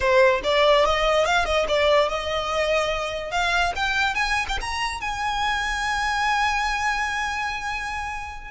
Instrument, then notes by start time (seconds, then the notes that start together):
violin
0.00 C5
0.43 D5
0.85 D#5
1.25 F5
1.45 D#5
1.68 D5
2.08 D#5
3.31 F5
3.75 G5
4.15 G#5
4.48 G5
4.60 A#5
5.01 G#5